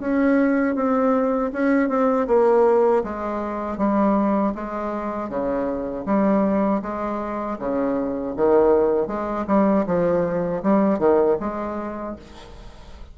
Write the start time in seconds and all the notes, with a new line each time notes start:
0.00 C#4
0.76 C4
1.53 C#4
1.89 C4
2.28 A#3
3.04 G#3
3.78 G3
4.55 G#3
5.30 C#3
6.06 G3
6.83 G#3
7.59 C#3
8.37 D#3
9.08 G#3
9.48 G3
9.87 F3
10.63 G3
10.99 D#3
11.41 G#3